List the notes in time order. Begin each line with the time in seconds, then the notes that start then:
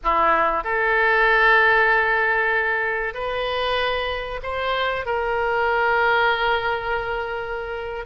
0.03 E4
0.64 A4
3.14 B4
4.42 C5
5.05 A#4